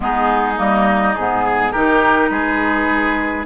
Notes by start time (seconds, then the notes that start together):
0.00 G#3 B3 D#4 G#4
0.56 G3 A#3 D#5
1.15 G#2 B3 G#4
1.44 G#4
1.72 D#3 D#4 G4 A#4
2.29 G#3 G#4 B4